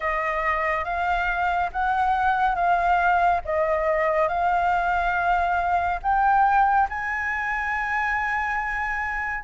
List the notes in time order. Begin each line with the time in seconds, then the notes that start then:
0.00 D#5
0.84 F5
1.72 F#5
2.55 F5
3.44 D#5
4.28 F5
6.02 G5
6.89 G#5